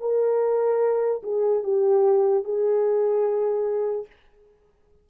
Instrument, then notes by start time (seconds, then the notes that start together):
horn
0.00 A#4
1.23 G#4
1.63 G4
2.44 G#4